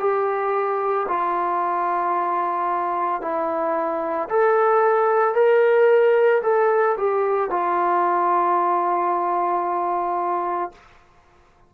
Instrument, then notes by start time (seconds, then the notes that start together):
trombone
0.00 G4
1.09 F4
3.22 E4
4.30 A4
5.35 A#4
6.43 A4
6.98 G4
7.51 F4